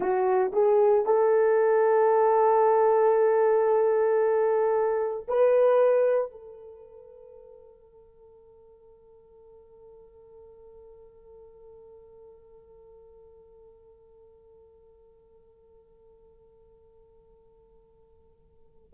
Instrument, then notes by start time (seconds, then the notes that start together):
horn
0.00 F#4
0.53 G#4
1.05 A4
5.28 B4
6.31 A4